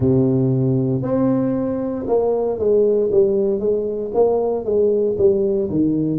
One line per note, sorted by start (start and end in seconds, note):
0.00 1.02 C3
1.02 2.05 C4
2.07 2.59 A#3
2.59 3.10 G#3
3.11 3.59 G3
3.59 4.11 G#3
4.14 4.64 A#3
4.64 5.16 G#3
5.18 5.69 G3
5.69 6.19 D#3